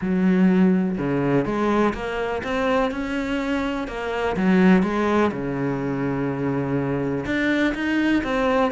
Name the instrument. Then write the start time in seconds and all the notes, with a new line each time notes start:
cello
0.01 F#3
0.97 C#3
1.45 G#3
1.94 A#3
2.43 C4
2.91 C#4
3.87 A#3
4.36 F#3
4.82 G#3
5.31 C#3
7.25 D4
7.74 D#4
8.23 C4